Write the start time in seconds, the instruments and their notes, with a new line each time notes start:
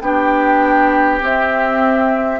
0.00 bassoon B3, clarinet D4, oboe G4, flute G5
1.20 clarinet C4, bassoon C4, flute E5